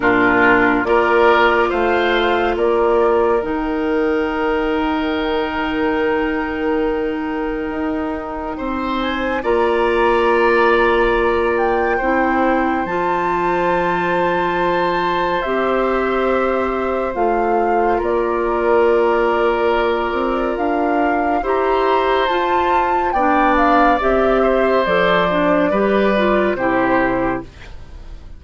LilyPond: <<
  \new Staff \with { instrumentName = "flute" } { \time 4/4 \tempo 4 = 70 ais'4 d''4 f''4 d''4 | g''1~ | g''2~ g''8 gis''8 ais''4~ | ais''4. g''4. a''4~ |
a''2 e''2 | f''4 d''2. | f''4 ais''4 a''4 g''8 f''8 | e''4 d''2 c''4 | }
  \new Staff \with { instrumentName = "oboe" } { \time 4/4 f'4 ais'4 c''4 ais'4~ | ais'1~ | ais'2 c''4 d''4~ | d''2 c''2~ |
c''1~ | c''4 ais'2.~ | ais'4 c''2 d''4~ | d''8 c''4. b'4 g'4 | }
  \new Staff \with { instrumentName = "clarinet" } { \time 4/4 d'4 f'2. | dis'1~ | dis'2. f'4~ | f'2 e'4 f'4~ |
f'2 g'2 | f'1~ | f'4 g'4 f'4 d'4 | g'4 a'8 d'8 g'8 f'8 e'4 | }
  \new Staff \with { instrumentName = "bassoon" } { \time 4/4 ais,4 ais4 a4 ais4 | dis1~ | dis4 dis'4 c'4 ais4~ | ais2 c'4 f4~ |
f2 c'2 | a4 ais2~ ais8 c'8 | d'4 e'4 f'4 b4 | c'4 f4 g4 c4 | }
>>